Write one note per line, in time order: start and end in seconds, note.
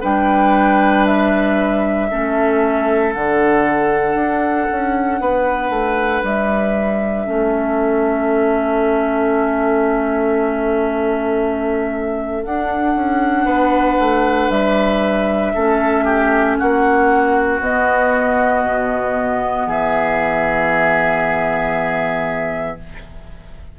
0.00 2.11 G3
0.00 2.08 D4
0.00 2.07 B4
0.00 1.06 G5
1.06 3.13 E5
2.10 3.15 A3
2.10 3.13 C#4
2.10 5.21 A4
3.13 4.14 D3
3.13 7.26 D4
3.13 6.24 F#5
4.14 4.66 D4
4.71 5.20 C#4
5.20 5.69 B3
5.20 7.26 B4
5.69 6.21 A3
6.23 7.26 G3
6.23 12.44 E5
7.26 12.45 A3
7.26 12.43 C#4
7.26 13.45 A4
12.44 12.95 D4
12.44 15.54 D4
12.44 14.50 F#5
12.95 13.45 C#4
13.45 13.97 B3
13.45 15.52 B4
13.99 14.49 A3
14.49 15.53 G3
14.49 16.57 E5
15.54 16.59 A3
15.54 17.61 C#4
15.54 16.04 A4
16.04 16.56 G4
16.58 17.60 A#3
16.58 19.67 F#4
16.58 17.61 F#5
17.60 18.63 B3
17.60 22.78 B3
17.60 19.68 D#5
18.63 19.66 B2
19.66 22.76 E3
19.66 22.77 G#4
19.66 22.79 E5